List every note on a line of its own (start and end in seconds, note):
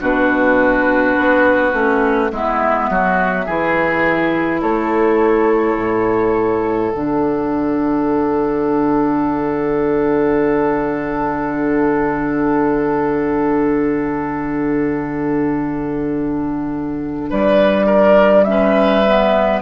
0.00 1.16 B2
0.00 1.73 D4
0.00 2.32 F#4
0.00 2.31 B4
1.18 1.73 B3
1.73 2.31 A3
1.73 2.31 C#4
2.31 2.90 G#3
2.31 3.47 B3
2.31 2.90 E4
2.31 4.62 E5
2.90 3.47 F#3
2.90 3.46 F#4
3.46 4.63 E3
3.46 6.94 E4
3.46 4.61 G#4
4.62 5.78 A3
4.62 17.30 A4
4.62 6.91 C#5
5.78 6.93 A2
6.91 17.32 D3
6.91 18.47 D4
6.91 17.30 F#5
17.30 19.62 G3
17.30 17.86 B4
17.30 18.44 D5
17.86 18.44 A#4
18.44 19.05 C#4
18.44 19.60 E5
18.50 19.62 B4
19.06 19.62 B3